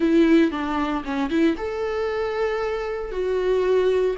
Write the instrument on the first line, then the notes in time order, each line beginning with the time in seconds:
viola
0.00 E4
0.51 D4
1.04 C#4
1.29 E4
1.57 A4
3.11 F#4